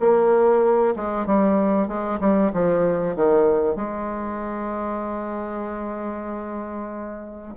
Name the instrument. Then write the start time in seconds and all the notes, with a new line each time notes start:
bassoon
0.00 A#3
0.96 G#3
1.26 G3
1.87 G#3
2.20 G3
2.53 F3
3.16 D#3
3.76 G#3